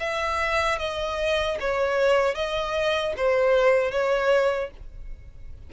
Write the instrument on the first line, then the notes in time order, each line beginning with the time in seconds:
violin
0.00 E5
0.79 D#5
1.60 C#5
2.35 D#5
3.17 C5
3.92 C#5